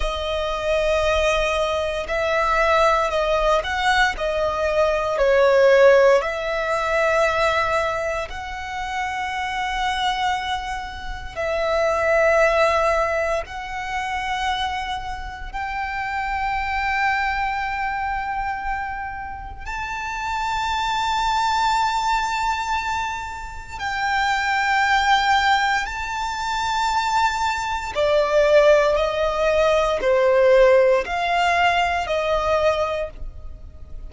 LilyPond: \new Staff \with { instrumentName = "violin" } { \time 4/4 \tempo 4 = 58 dis''2 e''4 dis''8 fis''8 | dis''4 cis''4 e''2 | fis''2. e''4~ | e''4 fis''2 g''4~ |
g''2. a''4~ | a''2. g''4~ | g''4 a''2 d''4 | dis''4 c''4 f''4 dis''4 | }